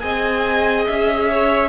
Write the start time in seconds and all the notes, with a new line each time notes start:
0.00 C4 G#4 D#5 G#5
0.86 C#4 E5
1.29 C#5